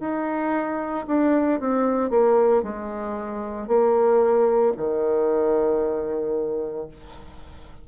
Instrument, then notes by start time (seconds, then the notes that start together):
bassoon
0.00 D#4
1.07 D4
1.60 C4
2.10 A#3
2.63 G#3
3.67 A#3
4.77 D#3